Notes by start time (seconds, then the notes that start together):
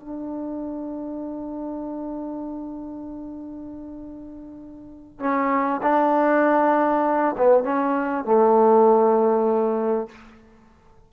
0.00 D4
5.20 C#4
5.82 D4
7.38 B3
7.64 C#4
8.25 A3